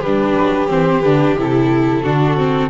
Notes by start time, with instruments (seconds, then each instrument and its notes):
0.00 double bass G3, viola D4, violin G4, flute B4
0.39 double bass F#3
0.68 double bass E3, viola C4, flute C5
1.02 double bass D3, viola D4, flute B4
1.38 double bass C3, viola E4, flute A4
2.03 double bass D3, viola D4, violin F#4
2.37 viola C4